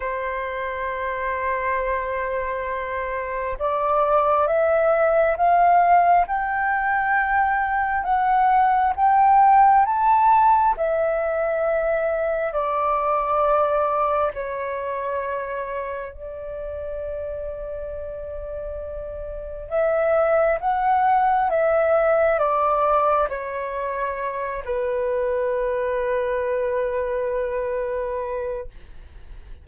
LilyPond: \new Staff \with { instrumentName = "flute" } { \time 4/4 \tempo 4 = 67 c''1 | d''4 e''4 f''4 g''4~ | g''4 fis''4 g''4 a''4 | e''2 d''2 |
cis''2 d''2~ | d''2 e''4 fis''4 | e''4 d''4 cis''4. b'8~ | b'1 | }